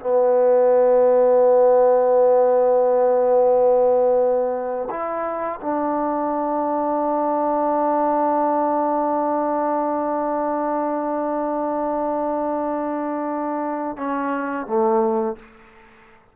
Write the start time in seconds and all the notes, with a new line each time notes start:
0.00 B3
4.90 E4
5.61 D4
13.97 C#4
14.66 A3